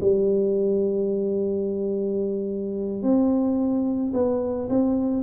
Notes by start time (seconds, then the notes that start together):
0.00 G3
3.02 C4
4.13 B3
4.69 C4